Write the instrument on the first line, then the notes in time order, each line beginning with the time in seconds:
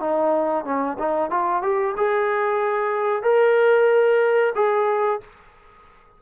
trombone
0.00 D#4
0.65 C#4
0.99 D#4
1.30 F4
1.63 G4
1.97 G#4
3.23 A#4
4.55 G#4